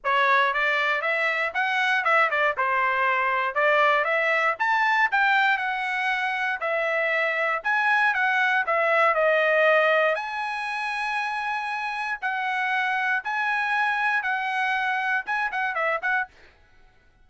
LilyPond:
\new Staff \with { instrumentName = "trumpet" } { \time 4/4 \tempo 4 = 118 cis''4 d''4 e''4 fis''4 | e''8 d''8 c''2 d''4 | e''4 a''4 g''4 fis''4~ | fis''4 e''2 gis''4 |
fis''4 e''4 dis''2 | gis''1 | fis''2 gis''2 | fis''2 gis''8 fis''8 e''8 fis''8 | }